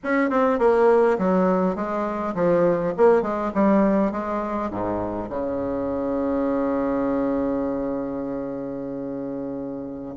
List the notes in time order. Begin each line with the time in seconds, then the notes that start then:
0.03 C#4
0.29 C4
0.58 A#3
1.18 F#3
1.75 G#3
2.34 F3
2.97 A#3
3.22 G#3
3.54 G3
4.11 G#3
4.70 G#2
5.29 C#3